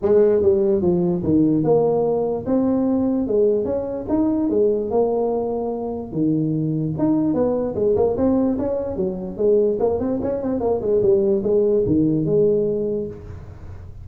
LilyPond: \new Staff \with { instrumentName = "tuba" } { \time 4/4 \tempo 4 = 147 gis4 g4 f4 dis4 | ais2 c'2 | gis4 cis'4 dis'4 gis4 | ais2. dis4~ |
dis4 dis'4 b4 gis8 ais8 | c'4 cis'4 fis4 gis4 | ais8 c'8 cis'8 c'8 ais8 gis8 g4 | gis4 dis4 gis2 | }